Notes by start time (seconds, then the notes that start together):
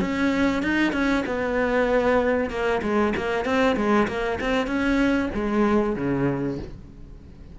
0.00 C#4
0.62 D#4
0.92 C#4
1.26 B3
2.50 A#3
2.82 G#3
3.16 A#3
3.45 C4
3.76 G#3
4.07 A#3
4.40 C4
4.67 C#4
5.34 G#3
5.96 C#3